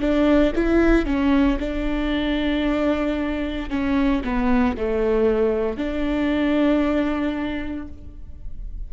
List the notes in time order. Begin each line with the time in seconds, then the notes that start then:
0.00 D4
0.55 E4
1.05 C#4
1.59 D4
3.69 C#4
4.23 B3
4.77 A3
5.77 D4